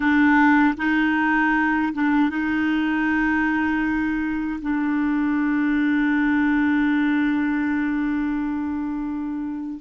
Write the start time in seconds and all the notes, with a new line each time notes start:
0.00 D4
0.77 D#4
1.93 D4
2.29 D#4
4.61 D4